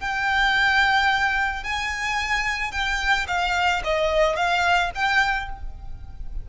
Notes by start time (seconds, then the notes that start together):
0.00 G5
1.64 G#5
2.72 G5
3.28 F5
3.84 D#5
4.36 F5
4.95 G5